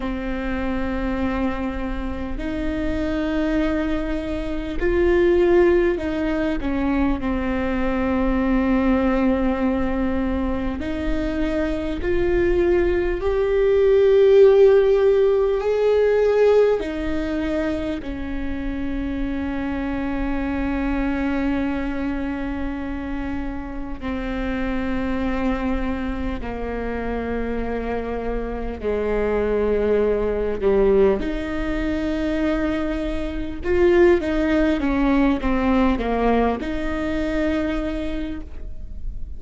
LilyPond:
\new Staff \with { instrumentName = "viola" } { \time 4/4 \tempo 4 = 50 c'2 dis'2 | f'4 dis'8 cis'8 c'2~ | c'4 dis'4 f'4 g'4~ | g'4 gis'4 dis'4 cis'4~ |
cis'1 | c'2 ais2 | gis4. g8 dis'2 | f'8 dis'8 cis'8 c'8 ais8 dis'4. | }